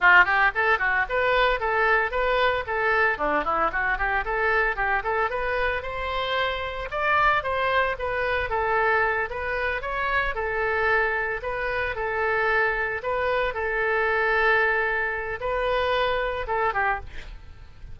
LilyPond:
\new Staff \with { instrumentName = "oboe" } { \time 4/4 \tempo 4 = 113 f'8 g'8 a'8 fis'8 b'4 a'4 | b'4 a'4 d'8 e'8 fis'8 g'8 | a'4 g'8 a'8 b'4 c''4~ | c''4 d''4 c''4 b'4 |
a'4. b'4 cis''4 a'8~ | a'4. b'4 a'4.~ | a'8 b'4 a'2~ a'8~ | a'4 b'2 a'8 g'8 | }